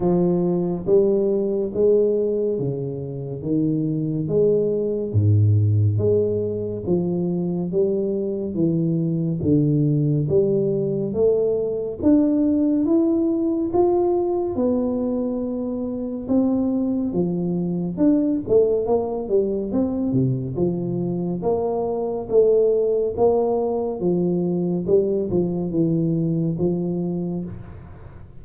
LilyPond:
\new Staff \with { instrumentName = "tuba" } { \time 4/4 \tempo 4 = 70 f4 g4 gis4 cis4 | dis4 gis4 gis,4 gis4 | f4 g4 e4 d4 | g4 a4 d'4 e'4 |
f'4 b2 c'4 | f4 d'8 a8 ais8 g8 c'8 c8 | f4 ais4 a4 ais4 | f4 g8 f8 e4 f4 | }